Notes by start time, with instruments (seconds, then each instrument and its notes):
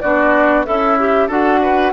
0.00 bassoon B3, clarinet D4, oboe F#4, flute D5
0.65 bassoon C#4, oboe E4, clarinet A4, flute E5
0.99 clarinet G4
1.27 bassoon D4, clarinet F#4, oboe A4, flute F#5
1.62 oboe B4